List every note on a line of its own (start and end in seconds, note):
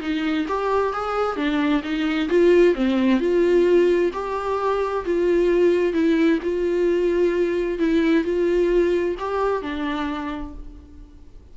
0.00 0.46 D#4
0.47 0.93 G4
0.93 1.36 G#4
1.36 1.82 D4
1.83 2.29 D#4
2.29 2.75 F4
2.75 3.19 C4
3.19 4.11 F4
4.13 5.04 G4
5.05 5.93 F4
5.93 6.39 E4
6.42 7.78 F4
7.78 8.24 E4
8.24 9.15 F4
9.19 9.62 G4
9.62 10.53 D4